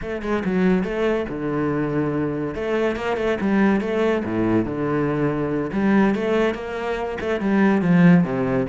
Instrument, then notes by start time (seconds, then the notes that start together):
cello
0.01 A3
0.22 G#3
0.44 F#3
0.83 A3
1.28 D3
2.54 A3
2.96 A#3
3.17 A3
3.40 G3
3.80 A3
4.25 A2
4.65 D3
5.72 G3
6.15 A3
6.54 A#3
7.20 A3
7.40 G3
7.81 F3
8.24 C3